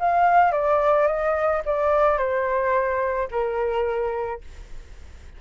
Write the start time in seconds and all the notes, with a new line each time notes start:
0.00 F5
0.52 D5
1.07 D#5
1.65 D5
2.18 C5
3.31 A#4